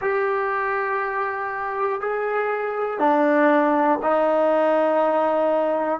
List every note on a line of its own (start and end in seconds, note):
0.01 2.00 G4
2.00 2.99 G#4
2.99 3.99 D4
4.02 6.00 D#4